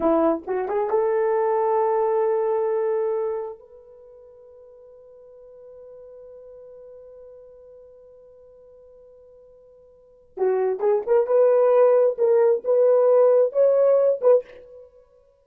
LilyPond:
\new Staff \with { instrumentName = "horn" } { \time 4/4 \tempo 4 = 133 e'4 fis'8 gis'8 a'2~ | a'1 | b'1~ | b'1~ |
b'1~ | b'2. fis'4 | gis'8 ais'8 b'2 ais'4 | b'2 cis''4. b'8 | }